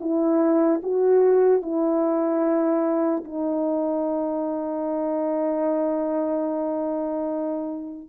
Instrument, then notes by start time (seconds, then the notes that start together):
horn
0.00 E4
0.83 F#4
1.61 E4
3.24 D#4